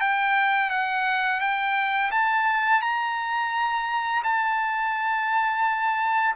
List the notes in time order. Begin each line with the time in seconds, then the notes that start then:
0.00 G5
0.70 F#5
1.40 G5
2.11 A5
2.81 A#5
4.23 A5